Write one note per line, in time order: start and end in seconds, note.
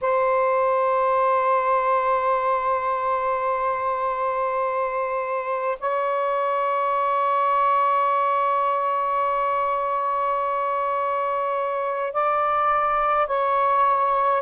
0.01 5.78 C5
5.80 12.13 C#5
12.13 13.26 D5
13.26 14.42 C#5